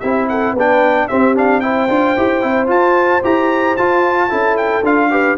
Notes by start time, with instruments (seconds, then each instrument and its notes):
0.00 tuba C4, trombone E4, horn G4, trumpet E5
0.29 horn A4, trumpet F#5
0.53 tuba B3, trombone D4, horn B4
0.59 trumpet G5
1.08 trombone C4, tuba C4, horn G4, trumpet E5
1.35 trombone D4, trumpet F5
1.60 trombone E4, horn C5, trumpet G5
1.89 tuba D4, trombone F4
2.17 tuba E4, trombone G4
2.42 tuba C4, trombone E4
2.67 trombone F4, tuba F4, trumpet A5
3.23 tuba E4, trombone G4, trumpet A#5
3.77 tuba F4, trombone F4, trumpet A5
4.29 tuba C#4, trombone E4, horn A4
4.57 trumpet G5
4.83 tuba D4, trombone F4, trumpet F5
5.11 trombone G4, horn B4